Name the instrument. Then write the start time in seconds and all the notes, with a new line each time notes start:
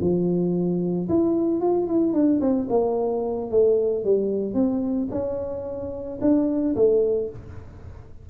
tuba
0.00 F3
1.09 E4
1.60 F4
1.87 E4
2.13 D4
2.41 C4
2.70 A#3
3.51 A3
4.04 G3
4.54 C4
5.11 C#4
6.21 D4
6.75 A3